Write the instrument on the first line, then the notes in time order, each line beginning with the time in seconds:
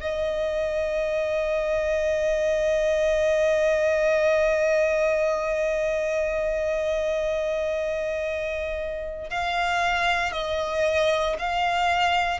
violin
0.00 D#5
9.30 F5
10.32 D#5
11.38 F5